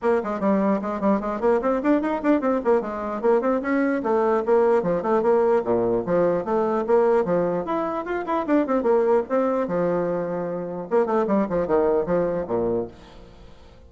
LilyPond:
\new Staff \with { instrumentName = "bassoon" } { \time 4/4 \tempo 4 = 149 ais8 gis8 g4 gis8 g8 gis8 ais8 | c'8 d'8 dis'8 d'8 c'8 ais8 gis4 | ais8 c'8 cis'4 a4 ais4 | f8 a8 ais4 ais,4 f4 |
a4 ais4 f4 e'4 | f'8 e'8 d'8 c'8 ais4 c'4 | f2. ais8 a8 | g8 f8 dis4 f4 ais,4 | }